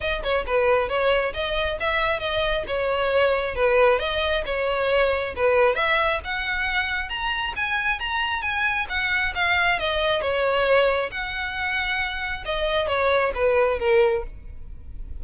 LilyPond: \new Staff \with { instrumentName = "violin" } { \time 4/4 \tempo 4 = 135 dis''8 cis''8 b'4 cis''4 dis''4 | e''4 dis''4 cis''2 | b'4 dis''4 cis''2 | b'4 e''4 fis''2 |
ais''4 gis''4 ais''4 gis''4 | fis''4 f''4 dis''4 cis''4~ | cis''4 fis''2. | dis''4 cis''4 b'4 ais'4 | }